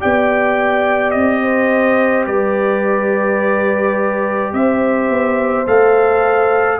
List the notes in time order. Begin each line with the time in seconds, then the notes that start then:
0.00 B3 G4 D5 G5
1.11 C4 D#5
1.42 C5
2.27 G3 B4 D5
4.53 C4 C5 E5
5.10 B3
5.67 A3 A4 F5